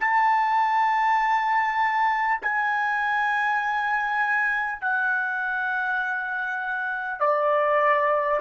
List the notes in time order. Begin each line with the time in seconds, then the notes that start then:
0.00 A5
2.42 G#5
4.81 F#5
7.21 D5